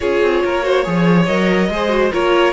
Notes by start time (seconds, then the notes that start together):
0.00 C#4 F4 G#4 C#5
0.22 C4
0.44 A#3 A#4
0.63 F#4 C5
0.83 F3 G#4 C#5
1.25 F#3 A#4 D#5
1.69 G#3 G#4 C5
1.89 F#4
2.12 A#3 F4 A#4 C#5